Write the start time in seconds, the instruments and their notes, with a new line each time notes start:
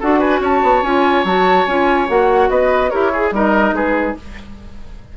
0.00 bassoon D4, clarinet F#4, oboe A4, flute F#5
0.19 oboe B4, flute G#5
0.40 bassoon C#4, oboe C#5, flute A5
0.63 bassoon B3
0.82 bassoon C#4, clarinet F4, flute G#5
1.24 bassoon F#3, clarinet F#4, flute A5
1.67 bassoon C#4, clarinet F4, flute G#5
2.08 bassoon A#3, clarinet F#4, flute F#5
2.50 bassoon B3, oboe B4, flute D#5
2.90 bassoon E4, clarinet G4, oboe A#4, flute C#5
3.13 oboe G#4, clarinet G#4
3.31 bassoon G3, clarinet D#4, oboe A#4, flute D#5
3.72 bassoon G#3, oboe G#4, flute B4